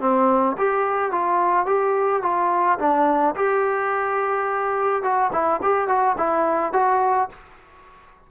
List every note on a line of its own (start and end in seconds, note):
0.00 0.56 C4
0.58 1.11 G4
1.11 1.66 F4
1.66 2.22 G4
2.22 2.78 F4
2.79 3.35 D4
3.35 5.03 G4
5.03 5.31 F#4
5.32 5.60 E4
5.62 5.88 G4
5.88 6.16 F#4
6.18 6.73 E4
6.73 7.29 F#4